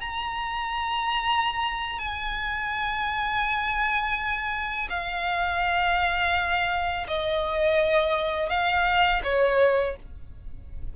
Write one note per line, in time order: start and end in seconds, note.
0.00 1.98 A#5
1.98 4.88 G#5
4.89 7.06 F5
7.07 8.49 D#5
8.49 9.21 F5
9.23 9.95 C#5